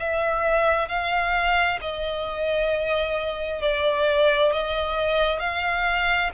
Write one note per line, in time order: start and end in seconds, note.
0.00 0.88 E5
0.88 1.79 F5
1.81 3.62 D#5
3.62 4.52 D5
4.52 5.40 D#5
5.40 6.31 F5